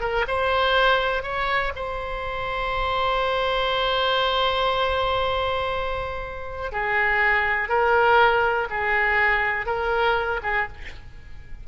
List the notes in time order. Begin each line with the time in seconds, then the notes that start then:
0.00 A#4
0.27 C5
1.22 C#5
1.75 C5
6.72 G#4
7.68 A#4
8.70 G#4
9.66 A#4
10.42 G#4